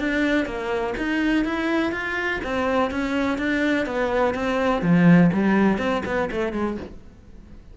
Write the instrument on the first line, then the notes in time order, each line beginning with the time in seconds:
cello
0.00 D4
0.46 A#3
0.98 D#4
1.45 E4
1.92 F4
2.44 C4
2.91 C#4
3.38 D4
3.86 B3
4.35 C4
4.82 F3
5.33 G3
5.78 C4
6.06 B3
6.31 A3
6.53 G#3